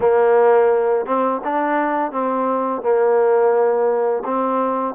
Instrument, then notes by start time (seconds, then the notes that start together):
trombone
0.00 A#3
1.06 C4
1.43 D4
2.11 C4
2.81 A#3
4.24 C4